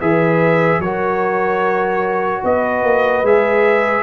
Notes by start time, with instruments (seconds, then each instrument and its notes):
0.00 tuba E3, trombone G#4, horn B4, trumpet E5
0.79 tuba F#3, trombone F#4, horn A#4, trumpet C#5
2.43 tuba B3, horn B4, trumpet D#5
2.83 tuba A#3
3.22 tuba G#3, trombone G#4, trumpet E5